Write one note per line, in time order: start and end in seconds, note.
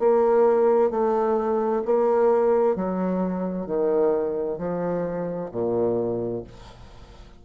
0.00 0.91 A#3
0.91 1.83 A3
1.85 2.76 A#3
2.76 3.67 F#3
3.67 4.58 D#3
4.58 5.50 F3
5.51 6.44 A#2